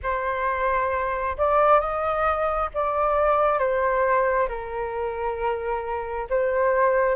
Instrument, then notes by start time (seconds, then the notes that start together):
flute
0.02 C5
1.37 D5
1.80 D#5
2.74 D5
3.58 C5
4.48 A#4
6.29 C5